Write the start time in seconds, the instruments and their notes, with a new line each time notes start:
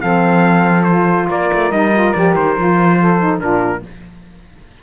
0.00 cello F3, saxophone C4 A4, trumpet F5
0.83 saxophone F4, trumpet C5
1.28 cello A#3, saxophone A#4, trumpet D5
1.53 cello A3
1.70 cello G3, saxophone D#4, trumpet D#5
1.93 saxophone F4
2.13 cello F3, saxophone G4, trumpet D5
2.35 cello D#3, trumpet C5
2.57 cello F3, saxophone F4
2.99 saxophone A4
3.19 saxophone D#4
3.39 cello A#2, saxophone D4 F4, trumpet A#4